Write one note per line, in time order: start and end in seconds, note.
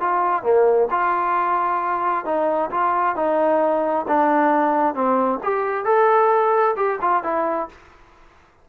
0.00 0.43 F4
0.43 0.88 A#3
0.90 2.25 F4
2.25 2.70 D#4
2.70 3.15 F4
3.15 4.06 D#4
4.07 4.94 D4
4.94 5.39 C4
5.43 5.85 G4
5.85 6.75 A4
6.76 6.99 G4
7.01 7.23 F4
7.23 7.68 E4